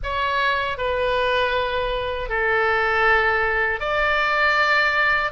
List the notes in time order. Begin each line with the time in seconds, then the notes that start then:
0.03 C#5
0.77 B4
2.29 A4
3.80 D5